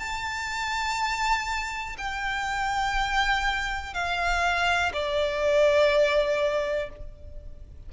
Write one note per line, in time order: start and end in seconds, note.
0.00 1.97 A5
1.99 3.94 G5
3.94 4.93 F5
4.93 6.90 D5